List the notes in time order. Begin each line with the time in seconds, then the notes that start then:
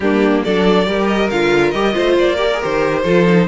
0.00 G3 A#3 D4 G4
0.44 F#3 D4 A4 D5
0.85 G3 G4 A#4
1.07 D#5
1.30 D3 F4 F5
1.71 G3 G4 D#5
1.93 A3 F4 C5
2.18 A#3 D5
2.35 G4 A#4
2.53 G#4
2.61 D#3 G4 C5
3.03 F3 F4 A4
3.27 D#4